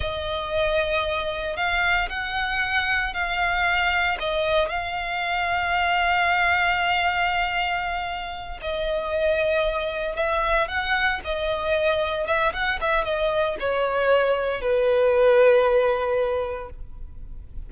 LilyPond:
\new Staff \with { instrumentName = "violin" } { \time 4/4 \tempo 4 = 115 dis''2. f''4 | fis''2 f''2 | dis''4 f''2.~ | f''1~ |
f''8 dis''2. e''8~ | e''8 fis''4 dis''2 e''8 | fis''8 e''8 dis''4 cis''2 | b'1 | }